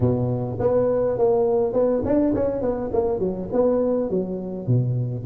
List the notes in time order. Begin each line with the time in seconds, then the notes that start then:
0.00 B2
0.59 B3
1.18 A#3
1.73 B3
2.04 D4
2.35 C#4
2.61 B3
2.92 A#3
3.19 F#3
3.52 B3
4.10 F#3
4.67 B2